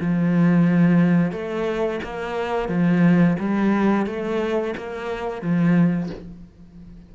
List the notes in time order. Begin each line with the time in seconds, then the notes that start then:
0.00 F3
1.32 A3
2.03 A#3
2.69 F3
3.39 G3
4.06 A3
4.77 A#3
5.42 F3